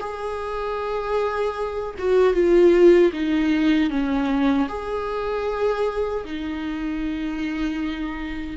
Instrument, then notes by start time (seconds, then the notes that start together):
viola
0.00 G#4
1.98 F#4
2.33 F4
3.13 D#4
3.90 C#4
4.68 G#4
6.25 D#4